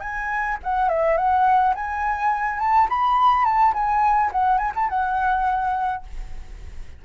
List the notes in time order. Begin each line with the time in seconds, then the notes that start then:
0.00 G#5
0.63 F#5
0.89 E5
1.17 F#5
1.75 G#5
2.59 A5
2.89 B5
3.44 A5
3.74 G#5
4.32 F#5
4.58 G#5
4.75 A5
4.89 F#5